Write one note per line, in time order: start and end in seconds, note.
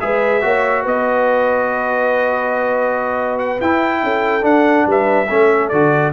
0.00 0.44 G#3
0.00 0.42 G#4
0.00 0.44 B4
0.00 0.85 E5
0.42 0.85 A#3
0.42 3.59 F#4
0.42 0.83 C#5
0.83 3.60 B3
0.83 4.00 B4
0.83 3.39 D#5
3.39 3.60 F#5
3.61 4.03 E4
3.61 4.42 E4
3.61 4.45 G5
4.03 4.44 C#4
4.03 4.87 A4
4.42 5.26 D4
4.42 4.86 D4
4.42 4.87 F#5
4.86 5.29 G3
4.86 5.29 B4
4.86 5.69 E5
5.29 5.72 A3
5.29 5.72 C#4
5.29 6.12 A4
5.69 6.12 D3
5.69 6.12 F#4
5.69 6.11 D5